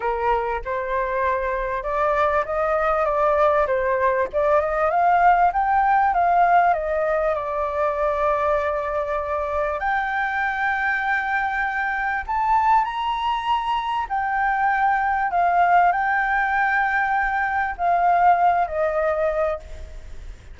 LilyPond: \new Staff \with { instrumentName = "flute" } { \time 4/4 \tempo 4 = 98 ais'4 c''2 d''4 | dis''4 d''4 c''4 d''8 dis''8 | f''4 g''4 f''4 dis''4 | d''1 |
g''1 | a''4 ais''2 g''4~ | g''4 f''4 g''2~ | g''4 f''4. dis''4. | }